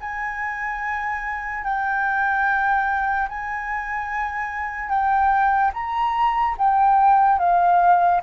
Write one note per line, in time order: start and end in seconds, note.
0.00 1.64 G#5
1.64 3.28 G5
3.29 4.89 G#5
4.89 5.71 G5
5.73 6.55 A#5
6.58 7.39 G5
7.39 8.21 F5